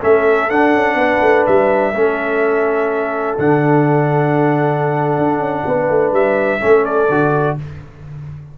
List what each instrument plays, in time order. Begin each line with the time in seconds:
0.00 tuba A3, trombone C#4, horn A4, trumpet E5
0.50 trombone D4, tuba D4, trumpet F#5
0.74 tuba C#4
0.95 tuba B3, horn B4
1.22 tuba A3
1.46 tuba G3, trumpet E5
1.93 tuba A3, trombone C#4, horn A4
3.39 tuba D3, trombone D4, trumpet F#5
5.18 tuba D4
5.40 tuba C#4
5.66 tuba B3, horn B4
5.90 tuba A3
6.13 tuba G3, trumpet E5
6.60 tuba A3, trombone C#4, horn A4
6.85 trumpet D5
7.09 tuba D3, trombone F#4